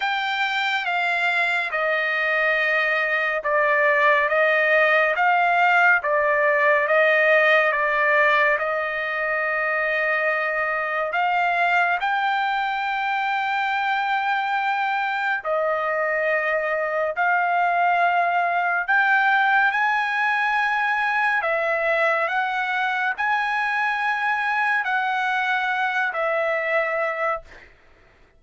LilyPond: \new Staff \with { instrumentName = "trumpet" } { \time 4/4 \tempo 4 = 70 g''4 f''4 dis''2 | d''4 dis''4 f''4 d''4 | dis''4 d''4 dis''2~ | dis''4 f''4 g''2~ |
g''2 dis''2 | f''2 g''4 gis''4~ | gis''4 e''4 fis''4 gis''4~ | gis''4 fis''4. e''4. | }